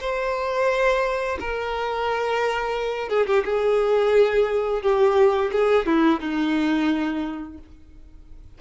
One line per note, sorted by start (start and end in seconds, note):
0.00 1.38 C5
1.39 3.08 A#4
3.08 3.26 G#4
3.26 3.44 G4
3.45 4.82 G#4
4.82 5.51 G4
5.51 5.86 G#4
5.86 6.20 E4
6.20 7.58 D#4